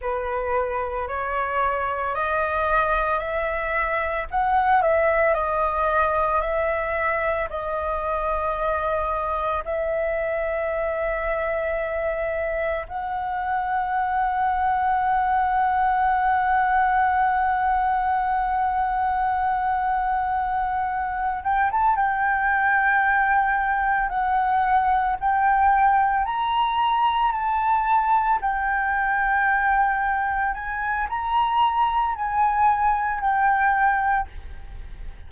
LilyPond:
\new Staff \with { instrumentName = "flute" } { \time 4/4 \tempo 4 = 56 b'4 cis''4 dis''4 e''4 | fis''8 e''8 dis''4 e''4 dis''4~ | dis''4 e''2. | fis''1~ |
fis''1 | g''16 a''16 g''2 fis''4 g''8~ | g''8 ais''4 a''4 g''4.~ | g''8 gis''8 ais''4 gis''4 g''4 | }